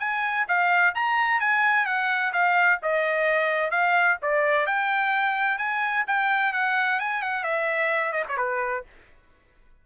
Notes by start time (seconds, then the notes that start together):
0.00 G#5
0.48 F5
0.95 A#5
1.40 G#5
1.86 F#5
2.33 F5
2.83 D#5
3.71 F5
4.22 D5
4.67 G5
5.58 G#5
6.08 G5
6.53 F#5
7.00 G#5
7.22 F#5
7.44 E5
8.13 D#5
8.29 C#5
8.38 B4